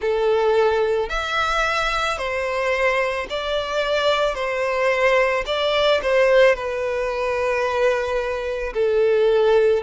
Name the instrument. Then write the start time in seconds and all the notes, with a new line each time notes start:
violin
0.01 A4
1.09 E5
2.18 C5
3.29 D5
4.34 C5
5.45 D5
6.02 C5
6.55 B4
8.73 A4